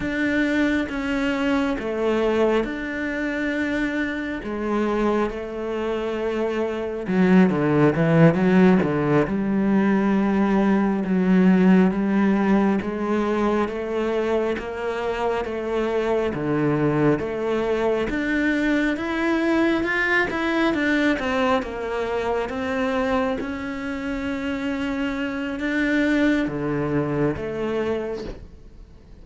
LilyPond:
\new Staff \with { instrumentName = "cello" } { \time 4/4 \tempo 4 = 68 d'4 cis'4 a4 d'4~ | d'4 gis4 a2 | fis8 d8 e8 fis8 d8 g4.~ | g8 fis4 g4 gis4 a8~ |
a8 ais4 a4 d4 a8~ | a8 d'4 e'4 f'8 e'8 d'8 | c'8 ais4 c'4 cis'4.~ | cis'4 d'4 d4 a4 | }